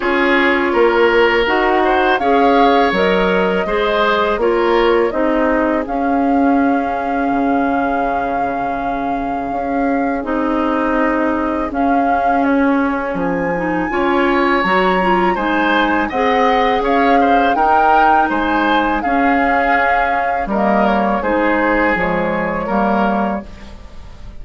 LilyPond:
<<
  \new Staff \with { instrumentName = "flute" } { \time 4/4 \tempo 4 = 82 cis''2 fis''4 f''4 | dis''2 cis''4 dis''4 | f''1~ | f''2 dis''2 |
f''4 cis''4 gis''2 | ais''4 gis''4 fis''4 f''4 | g''4 gis''4 f''2 | dis''8 cis''8 c''4 cis''2 | }
  \new Staff \with { instrumentName = "oboe" } { \time 4/4 gis'4 ais'4. c''8 cis''4~ | cis''4 c''4 ais'4 gis'4~ | gis'1~ | gis'1~ |
gis'2. cis''4~ | cis''4 c''4 dis''4 cis''8 c''8 | ais'4 c''4 gis'2 | ais'4 gis'2 ais'4 | }
  \new Staff \with { instrumentName = "clarinet" } { \time 4/4 f'2 fis'4 gis'4 | ais'4 gis'4 f'4 dis'4 | cis'1~ | cis'2 dis'2 |
cis'2~ cis'8 dis'8 f'4 | fis'8 f'8 dis'4 gis'2 | dis'2 cis'2 | ais4 dis'4 gis4 ais4 | }
  \new Staff \with { instrumentName = "bassoon" } { \time 4/4 cis'4 ais4 dis'4 cis'4 | fis4 gis4 ais4 c'4 | cis'2 cis2~ | cis4 cis'4 c'2 |
cis'2 f4 cis'4 | fis4 gis4 c'4 cis'4 | dis'4 gis4 cis'2 | g4 gis4 f4 g4 | }
>>